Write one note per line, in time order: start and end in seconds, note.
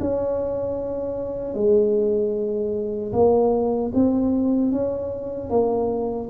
0.00 1.54 C#4
1.54 3.12 G#3
3.13 3.92 A#3
3.94 4.72 C4
4.72 5.50 C#4
5.50 6.29 A#3